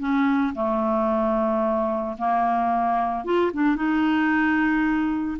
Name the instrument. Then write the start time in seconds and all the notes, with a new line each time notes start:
clarinet
0.00 C#4
0.55 A3
2.19 A#3
3.25 F4
3.54 D4
3.76 D#4